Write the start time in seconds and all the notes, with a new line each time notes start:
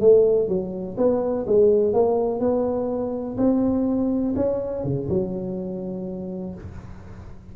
0.00 A3
0.48 F#3
0.97 B3
1.47 G#3
1.93 A#3
2.40 B3
3.37 C4
4.36 C#4
4.84 C#3
5.09 F#3